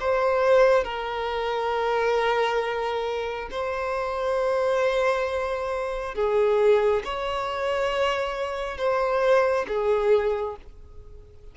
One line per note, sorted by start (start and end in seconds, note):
0.00 0.84 C5
0.84 3.49 A#4
3.51 6.15 C5
6.15 7.03 G#4
7.04 8.78 C#5
8.78 9.66 C5
9.68 10.56 G#4